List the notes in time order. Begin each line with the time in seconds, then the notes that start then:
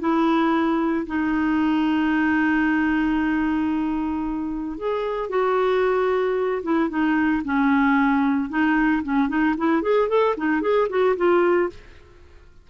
0.00 E4
1.07 D#4
4.78 G#4
5.30 F#4
6.63 E4
6.89 D#4
7.45 C#4
8.50 D#4
9.04 C#4
9.29 D#4
9.57 E4
9.82 G#4
10.09 A4
10.37 D#4
10.61 G#4
10.89 F#4
11.17 F4